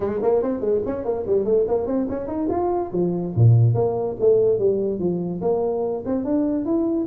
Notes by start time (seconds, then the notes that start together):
0.00 G#3
0.21 A#3
0.42 C4
0.60 G#3
0.85 C#4
1.04 A#3
1.26 G3
1.45 A3
1.67 A#3
1.86 C4
2.09 C#4
2.27 D#4
2.49 F4
2.92 F3
3.35 A#2
3.74 A#3
4.20 A3
4.59 G3
4.99 F3
5.41 A#3
6.05 C4
6.24 D4
6.65 E4